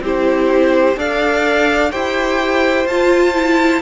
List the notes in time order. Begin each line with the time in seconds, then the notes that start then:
0.00 C4 E4 G4 C5
0.95 D4 A4 D5 F5
1.91 E4 G4 C5 G5
2.85 F4 A5
3.34 E4